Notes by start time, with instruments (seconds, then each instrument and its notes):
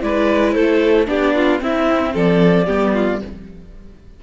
0.00 cello G#3, viola E4, violin B4, clarinet D5
0.51 cello A3, violin A4, clarinet C5
1.06 cello B3, viola D4, violin G4, clarinet D5
1.35 violin F4
1.59 viola C4, cello C4, violin E4, clarinet E5
2.13 cello F3, violin A4, clarinet D5
2.66 cello G3, viola B3, violin G4
2.93 violin F4